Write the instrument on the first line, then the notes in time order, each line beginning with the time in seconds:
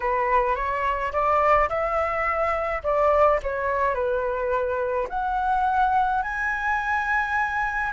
flute
0.00 B4
0.55 C#5
1.12 D5
1.69 E5
2.83 D5
3.42 C#5
3.94 B4
5.09 F#5
6.22 G#5